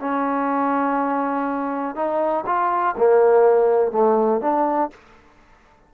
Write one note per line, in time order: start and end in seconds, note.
0.00 1.95 C#4
1.95 2.44 D#4
2.46 2.95 F4
2.97 3.92 A#3
3.92 4.41 A3
4.41 4.90 D4